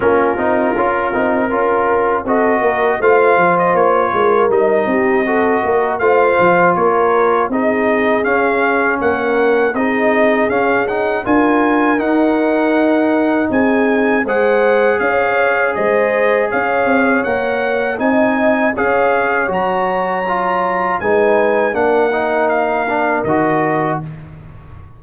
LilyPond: <<
  \new Staff \with { instrumentName = "trumpet" } { \time 4/4 \tempo 4 = 80 ais'2. dis''4 | f''8. dis''16 cis''4 dis''2 | f''4 cis''4 dis''4 f''4 | fis''4 dis''4 f''8 fis''8 gis''4 |
fis''2 gis''4 fis''4 | f''4 dis''4 f''4 fis''4 | gis''4 f''4 ais''2 | gis''4 fis''4 f''4 dis''4 | }
  \new Staff \with { instrumentName = "horn" } { \time 4/4 f'2 ais'4 a'8 ais'8 | c''4. ais'4 g'8 a'8 ais'8 | c''4 ais'4 gis'2 | ais'4 gis'2 ais'4~ |
ais'2 gis'4 c''4 | cis''4 c''4 cis''2 | dis''4 cis''2. | b'4 ais'2. | }
  \new Staff \with { instrumentName = "trombone" } { \time 4/4 cis'8 dis'8 f'8 dis'8 f'4 fis'4 | f'2 dis'4 fis'4 | f'2 dis'4 cis'4~ | cis'4 dis'4 cis'8 dis'8 f'4 |
dis'2. gis'4~ | gis'2. ais'4 | dis'4 gis'4 fis'4 f'4 | dis'4 d'8 dis'4 d'8 fis'4 | }
  \new Staff \with { instrumentName = "tuba" } { \time 4/4 ais8 c'8 cis'8 c'8 cis'4 c'8 ais8 | a8 f8 ais8 gis8 g8 c'4 ais8 | a8 f8 ais4 c'4 cis'4 | ais4 c'4 cis'4 d'4 |
dis'2 c'4 gis4 | cis'4 gis4 cis'8 c'8 ais4 | c'4 cis'4 fis2 | gis4 ais2 dis4 | }
>>